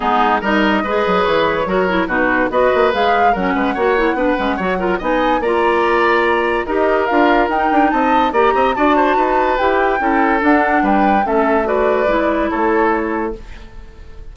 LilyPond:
<<
  \new Staff \with { instrumentName = "flute" } { \time 4/4 \tempo 4 = 144 gis'4 dis''2 cis''4~ | cis''4 b'4 dis''4 f''4 | fis''1 | gis''4 ais''2. |
dis''4 f''4 g''4 a''4 | ais''4 a''2 g''4~ | g''4 fis''4 g''4 e''4 | d''2 cis''2 | }
  \new Staff \with { instrumentName = "oboe" } { \time 4/4 dis'4 ais'4 b'2 | ais'4 fis'4 b'2 | ais'8 b'8 cis''4 b'4 cis''8 ais'8 | dis''4 d''2. |
ais'2. dis''4 | d''8 dis''8 d''8 c''8 b'2 | a'2 b'4 a'4 | b'2 a'2 | }
  \new Staff \with { instrumentName = "clarinet" } { \time 4/4 b4 dis'4 gis'2 | fis'8 e'8 dis'4 fis'4 gis'4 | cis'4 fis'8 e'8 d'8 cis'8 fis'8 f'8 | dis'4 f'2. |
g'4 f'4 dis'2 | g'4 fis'2 g'4 | e'4 d'2 cis'4 | fis'4 e'2. | }
  \new Staff \with { instrumentName = "bassoon" } { \time 4/4 gis4 g4 gis8 fis8 e4 | fis4 b,4 b8 ais8 gis4 | fis8 gis8 ais4 b8 gis8 fis4 | b4 ais2. |
dis'4 d'4 dis'8 d'8 c'4 | ais8 c'8 d'4 dis'4 e'4 | cis'4 d'4 g4 a4~ | a4 gis4 a2 | }
>>